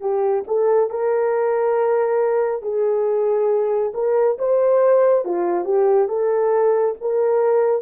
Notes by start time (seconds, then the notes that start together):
0.00 G4
0.47 A4
0.89 A#4
2.62 G#4
3.94 A#4
4.38 C5
5.25 F4
5.65 G4
6.08 A4
7.00 A#4